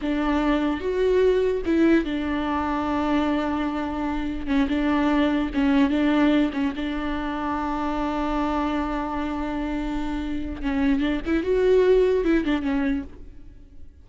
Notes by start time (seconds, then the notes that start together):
0.01 D4
0.80 F#4
1.65 E4
2.04 D4
4.47 C#4
4.68 D4
5.53 C#4
5.90 D4
6.53 C#4
6.76 D4
10.62 C#4
11.00 D4
11.25 E4
11.43 F#4
12.24 E4
12.44 D4
12.62 C#4